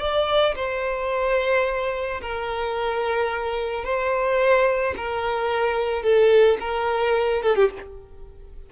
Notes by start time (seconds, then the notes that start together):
0.00 D5
0.56 C5
2.22 A#4
3.85 C5
4.97 A#4
6.03 A4
6.60 A#4
7.43 A4
7.56 G4